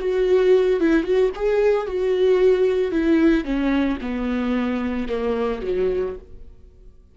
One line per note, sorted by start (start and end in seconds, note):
0.00 0.80 F#4
0.80 1.03 E4
1.03 1.30 F#4
1.35 1.87 G#4
1.87 2.92 F#4
2.92 3.45 E4
3.45 3.98 C#4
4.02 5.09 B3
5.09 5.62 A#3
5.62 6.16 F#3